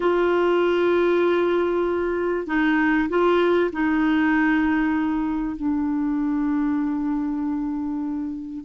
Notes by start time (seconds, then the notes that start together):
0.00 F4
2.46 D#4
3.09 F4
3.72 D#4
5.56 D4